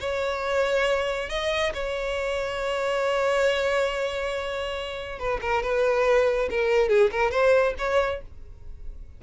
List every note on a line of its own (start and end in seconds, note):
0.00 1.29 C#5
1.29 1.72 D#5
1.73 5.18 C#5
5.18 5.40 B4
5.41 5.62 A#4
5.62 6.48 B4
6.50 6.88 A#4
6.88 7.10 G#4
7.11 7.30 A#4
7.30 7.74 C5
7.78 8.21 C#5